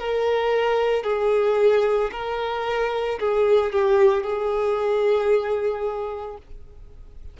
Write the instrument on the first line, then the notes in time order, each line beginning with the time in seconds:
violin
0.00 A#4
1.04 G#4
2.12 A#4
3.19 G#4
3.73 G4
4.24 G#4